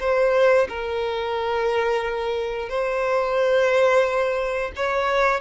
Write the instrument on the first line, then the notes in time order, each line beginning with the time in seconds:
violin
0.00 C5
0.68 A#4
2.69 C5
4.76 C#5